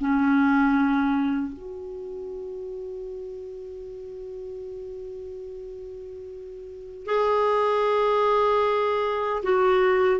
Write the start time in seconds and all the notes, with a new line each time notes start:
0.00 C#4
1.53 F#4
7.06 G#4
9.43 F#4